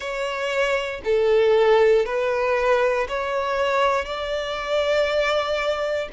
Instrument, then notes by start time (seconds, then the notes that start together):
violin
0.00 C#5
1.04 A4
2.05 B4
3.08 C#5
4.04 D5